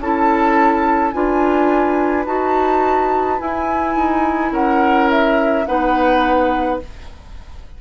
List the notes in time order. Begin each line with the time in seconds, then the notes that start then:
0.00 C#4 E4 A4 A5
1.11 D4 F4 B4 G#5
2.26 D#4 F#4 A5
3.38 E4 G#5
3.96 D#4
4.52 C#4 A#4 F#5
5.10 E5
5.66 B3 D#4 B4 F#5